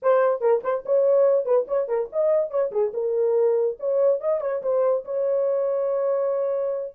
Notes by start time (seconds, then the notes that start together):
0.02 C5
0.40 A#4
0.63 C5
0.85 C#5
1.45 B4
1.67 C#5
1.87 A#4
2.12 D#5
2.50 C#5
2.71 G#4
2.93 A#4
3.79 C#5
4.20 D#5
4.41 C#5
4.62 C5
5.04 C#5